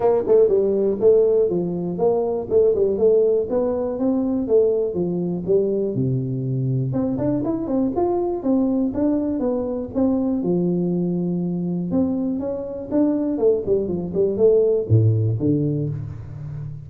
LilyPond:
\new Staff \with { instrumentName = "tuba" } { \time 4/4 \tempo 4 = 121 ais8 a8 g4 a4 f4 | ais4 a8 g8 a4 b4 | c'4 a4 f4 g4 | c2 c'8 d'8 e'8 c'8 |
f'4 c'4 d'4 b4 | c'4 f2. | c'4 cis'4 d'4 a8 g8 | f8 g8 a4 a,4 d4 | }